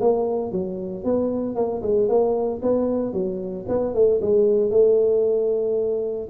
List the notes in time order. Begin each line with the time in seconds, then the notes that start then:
0.00 A#3
0.52 F#3
1.04 B3
1.55 A#3
1.82 G#3
2.08 A#3
2.62 B3
3.13 F#3
3.68 B3
3.94 A3
4.21 G#3
4.71 A3